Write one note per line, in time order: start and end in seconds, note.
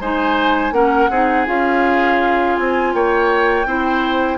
0.00 0.72 G#3
0.00 0.73 D#4
0.00 0.74 C5
0.00 0.73 G#5
0.72 1.08 A#3
0.72 1.09 C#4
0.72 1.10 A#4
0.72 1.46 F#5
1.10 1.47 C4
1.10 1.46 D#4
1.10 2.93 G#4
1.46 2.58 C#4
1.46 3.66 F4
1.46 2.57 F5
2.57 2.94 C4
2.57 2.93 G#5
2.94 3.66 A#3
2.94 3.67 C#5
2.94 4.38 G5
3.66 4.38 C4
3.66 4.38 E4
3.66 4.38 C5